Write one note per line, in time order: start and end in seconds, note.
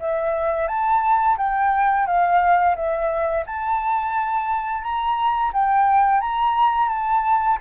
0.00 0.68 E5
0.68 1.37 A5
1.38 2.07 G5
2.07 2.76 F5
2.76 3.45 E5
3.46 4.83 A5
4.83 5.52 A#5
5.54 6.21 G5
6.21 6.89 A#5
6.89 7.58 A5